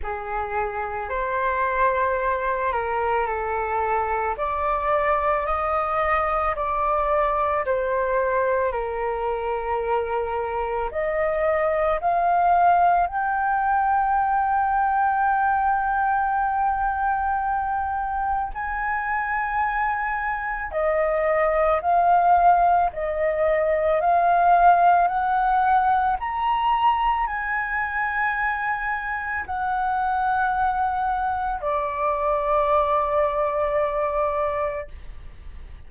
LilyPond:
\new Staff \with { instrumentName = "flute" } { \time 4/4 \tempo 4 = 55 gis'4 c''4. ais'8 a'4 | d''4 dis''4 d''4 c''4 | ais'2 dis''4 f''4 | g''1~ |
g''4 gis''2 dis''4 | f''4 dis''4 f''4 fis''4 | ais''4 gis''2 fis''4~ | fis''4 d''2. | }